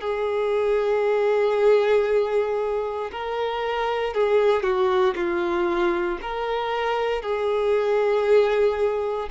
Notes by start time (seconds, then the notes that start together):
0.00 G#4
3.11 A#4
4.14 G#4
4.62 F#4
5.15 F4
6.21 A#4
7.22 G#4